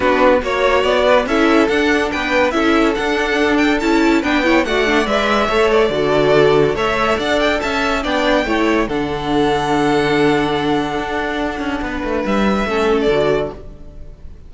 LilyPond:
<<
  \new Staff \with { instrumentName = "violin" } { \time 4/4 \tempo 4 = 142 b'4 cis''4 d''4 e''4 | fis''4 g''4 e''4 fis''4~ | fis''8 g''8 a''4 g''4 fis''4 | e''4. d''2~ d''8 |
e''4 fis''8 g''8 a''4 g''4~ | g''4 fis''2.~ | fis''1~ | fis''4 e''4.~ e''16 d''4~ d''16 | }
  \new Staff \with { instrumentName = "violin" } { \time 4/4 fis'4 cis''4. b'8 a'4~ | a'4 b'4 a'2~ | a'2 b'8 cis''8 d''4~ | d''4 cis''4 a'2 |
cis''4 d''4 e''4 d''4 | cis''4 a'2.~ | a'1 | b'2 a'2 | }
  \new Staff \with { instrumentName = "viola" } { \time 4/4 d'4 fis'2 e'4 | d'2 e'4 d'4~ | d'4 e'4 d'8 e'8 fis'8 d'8 | b'4 a'4 fis'2 |
a'2. d'4 | e'4 d'2.~ | d'1~ | d'2 cis'4 fis'4 | }
  \new Staff \with { instrumentName = "cello" } { \time 4/4 b4 ais4 b4 cis'4 | d'4 b4 cis'4 d'4~ | d'4 cis'4 b4 a4 | gis4 a4 d2 |
a4 d'4 cis'4 b4 | a4 d2.~ | d2 d'4. cis'8 | b8 a8 g4 a4 d4 | }
>>